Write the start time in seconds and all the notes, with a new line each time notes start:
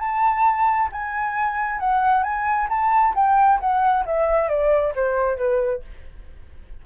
0.00 A5
0.92 G#5
1.80 F#5
2.24 G#5
2.70 A5
3.15 G5
3.60 F#5
4.06 E5
4.49 D5
4.96 C5
5.38 B4